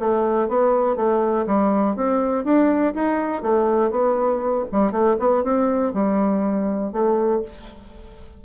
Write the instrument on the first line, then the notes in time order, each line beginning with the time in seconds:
bassoon
0.00 A3
0.49 B3
0.96 A3
1.47 G3
1.96 C4
2.45 D4
2.95 D#4
3.43 A3
3.91 B3
4.72 G3
4.92 A3
5.20 B3
5.44 C4
5.94 G3
6.93 A3